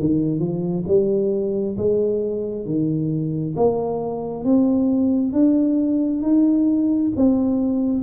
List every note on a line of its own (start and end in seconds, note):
0.00 0.40 D#3
0.40 0.85 F3
0.88 1.77 G3
1.77 2.66 G#3
2.66 3.55 D#3
3.57 4.45 A#3
4.45 5.33 C4
5.33 6.22 D4
6.22 7.12 D#4
7.16 8.03 C4